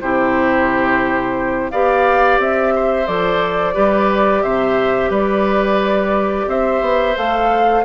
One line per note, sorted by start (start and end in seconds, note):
0.00 1.72 C3
0.00 1.72 E4
0.00 1.71 G4
0.00 1.70 C5
1.70 2.38 B3
1.70 3.06 G4
1.70 2.74 D5
1.70 2.39 F5
2.38 3.07 C4
2.38 3.06 E5
2.75 3.74 C5
3.06 3.75 F3
3.06 3.74 A4
3.06 4.43 D5
3.74 4.43 G3
3.74 7.14 G4
3.74 4.42 B4
4.43 5.10 C3
4.43 5.10 C5
4.43 5.11 E5
5.10 6.46 G3
5.10 6.46 B4
5.10 6.48 D5
6.47 6.81 C4
6.47 7.84 C5
6.47 7.17 E5
6.81 7.15 B3
7.15 7.84 A3
7.15 7.83 A4
7.15 7.84 F5